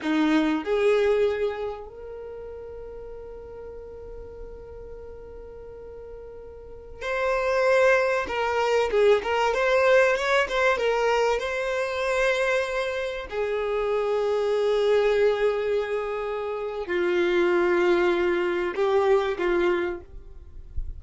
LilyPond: \new Staff \with { instrumentName = "violin" } { \time 4/4 \tempo 4 = 96 dis'4 gis'2 ais'4~ | ais'1~ | ais'2.~ ais'16 c''8.~ | c''4~ c''16 ais'4 gis'8 ais'8 c''8.~ |
c''16 cis''8 c''8 ais'4 c''4.~ c''16~ | c''4~ c''16 gis'2~ gis'8.~ | gis'2. f'4~ | f'2 g'4 f'4 | }